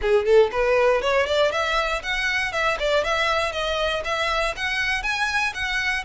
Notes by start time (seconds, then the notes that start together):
0.01 G#4
0.25 A4
0.51 B4
1.01 C#5
1.26 D5
1.51 E5
2.02 F#5
2.52 E5
2.79 D5
3.04 E5
3.52 D#5
4.04 E5
4.56 F#5
5.02 G#5
5.53 F#5